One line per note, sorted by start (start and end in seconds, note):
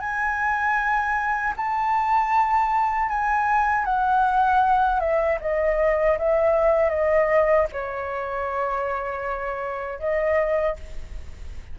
0.00 1.54 G#5
1.57 3.09 A5
3.09 3.85 G#5
3.85 5.00 F#5
5.00 5.38 E5
5.41 6.18 D#5
6.19 6.90 E5
6.90 7.67 D#5
7.72 9.99 C#5
9.99 10.76 D#5